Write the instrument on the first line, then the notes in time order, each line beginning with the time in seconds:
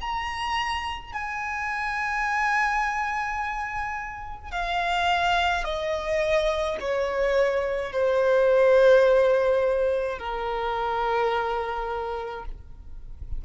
violin
0.00 A#5
1.12 G#5
4.51 F5
5.64 D#5
6.80 C#5
7.92 C5
10.18 A#4